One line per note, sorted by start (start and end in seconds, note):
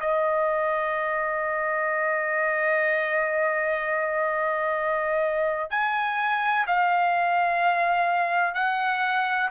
0.00 5.70 D#5
5.70 6.65 G#5
6.67 8.54 F5
8.54 9.49 F#5